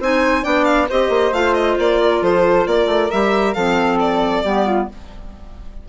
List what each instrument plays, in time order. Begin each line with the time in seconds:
0.00 bassoon C4, clarinet D#4, flute C5, violin G#5
0.43 bassoon B3, clarinet D4, flute D5, violin G5
0.65 violin F5
0.89 bassoon C4, clarinet G4, flute C5, violin D#5
1.09 bassoon A#3
1.33 bassoon A3, clarinet F4, violin F5
1.54 violin D#5
1.78 bassoon A#3, violin D5
2.01 flute A#4
2.21 bassoon F3, flute A4, violin C5
2.66 bassoon A#3, flute A#4, violin D5
2.86 bassoon A3
3.11 bassoon G3, clarinet G4, violin E5
3.54 bassoon F3, clarinet C4, flute A4, violin F5
4.00 violin D5
4.44 bassoon G3, clarinet B3, flute G4
4.65 flute F4